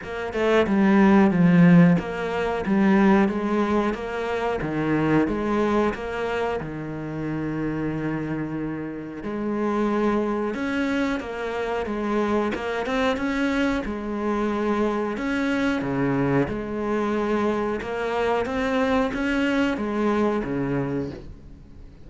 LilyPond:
\new Staff \with { instrumentName = "cello" } { \time 4/4 \tempo 4 = 91 ais8 a8 g4 f4 ais4 | g4 gis4 ais4 dis4 | gis4 ais4 dis2~ | dis2 gis2 |
cis'4 ais4 gis4 ais8 c'8 | cis'4 gis2 cis'4 | cis4 gis2 ais4 | c'4 cis'4 gis4 cis4 | }